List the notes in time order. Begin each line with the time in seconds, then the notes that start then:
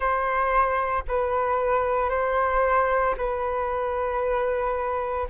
0.00 C5
1.08 B4
2.09 C5
3.17 B4